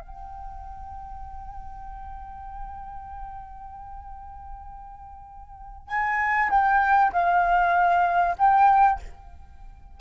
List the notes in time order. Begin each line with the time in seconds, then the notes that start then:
0.00 G5
5.87 G#5
6.49 G5
7.12 F5
8.38 G5